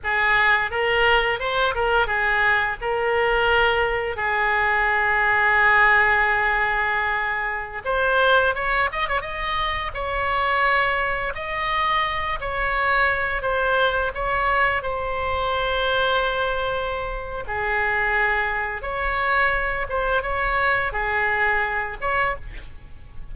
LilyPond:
\new Staff \with { instrumentName = "oboe" } { \time 4/4 \tempo 4 = 86 gis'4 ais'4 c''8 ais'8 gis'4 | ais'2 gis'2~ | gis'2.~ gis'16 c''8.~ | c''16 cis''8 dis''16 cis''16 dis''4 cis''4.~ cis''16~ |
cis''16 dis''4. cis''4. c''8.~ | c''16 cis''4 c''2~ c''8.~ | c''4 gis'2 cis''4~ | cis''8 c''8 cis''4 gis'4. cis''8 | }